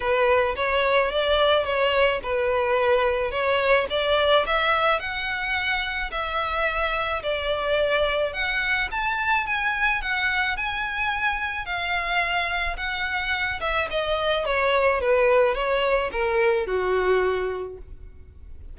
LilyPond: \new Staff \with { instrumentName = "violin" } { \time 4/4 \tempo 4 = 108 b'4 cis''4 d''4 cis''4 | b'2 cis''4 d''4 | e''4 fis''2 e''4~ | e''4 d''2 fis''4 |
a''4 gis''4 fis''4 gis''4~ | gis''4 f''2 fis''4~ | fis''8 e''8 dis''4 cis''4 b'4 | cis''4 ais'4 fis'2 | }